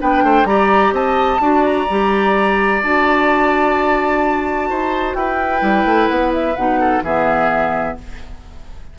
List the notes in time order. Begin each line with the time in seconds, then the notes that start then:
0.00 B3 D4 B4 G5
0.24 A3 C5
0.45 G3 G4 D5 A#5
0.92 C4 D#5 A5
1.41 D4 F#4 D5
1.65 A#5
1.90 G3 G4
2.83 D4 F#4 A5
4.70 D#4 C5
5.15 E4 B4 G5
5.60 G3 E4
5.85 A3
6.09 B3 F#5
6.34 E5
6.56 B2 D#4 F#5
6.80 A4
7.03 E3 B3 G#4 E5